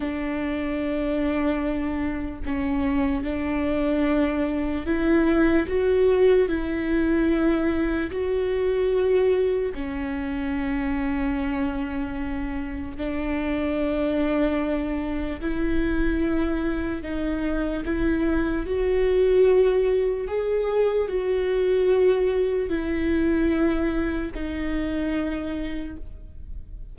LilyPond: \new Staff \with { instrumentName = "viola" } { \time 4/4 \tempo 4 = 74 d'2. cis'4 | d'2 e'4 fis'4 | e'2 fis'2 | cis'1 |
d'2. e'4~ | e'4 dis'4 e'4 fis'4~ | fis'4 gis'4 fis'2 | e'2 dis'2 | }